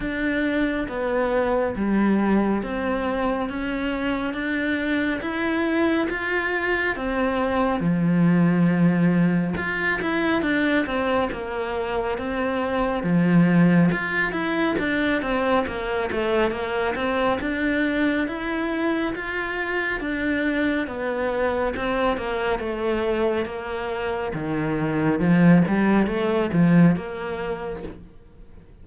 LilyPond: \new Staff \with { instrumentName = "cello" } { \time 4/4 \tempo 4 = 69 d'4 b4 g4 c'4 | cis'4 d'4 e'4 f'4 | c'4 f2 f'8 e'8 | d'8 c'8 ais4 c'4 f4 |
f'8 e'8 d'8 c'8 ais8 a8 ais8 c'8 | d'4 e'4 f'4 d'4 | b4 c'8 ais8 a4 ais4 | dis4 f8 g8 a8 f8 ais4 | }